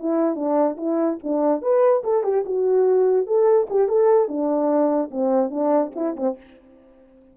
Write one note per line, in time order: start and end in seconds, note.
0.00 0.36 E4
0.36 0.77 D4
0.78 1.19 E4
1.24 1.62 D4
1.62 2.03 B4
2.04 2.24 A4
2.24 2.45 G4
2.46 3.27 F#4
3.27 3.68 A4
3.70 3.89 G4
3.89 4.29 A4
4.29 5.11 D4
5.12 5.51 C4
5.51 5.92 D4
5.96 6.16 E4
6.17 6.37 C4